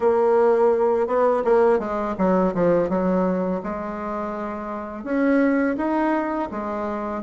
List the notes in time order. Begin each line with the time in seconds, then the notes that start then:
0.00 A#3
1.06 B3
1.44 A#3
1.79 G#3
2.18 F#3
2.54 F3
2.89 F#3
3.63 G#3
5.03 C#4
5.77 D#4
6.51 G#3